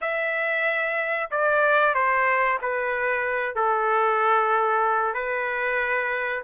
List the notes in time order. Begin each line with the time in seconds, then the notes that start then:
0.01 E5
1.30 D5
1.94 C5
2.61 B4
3.55 A4
5.13 B4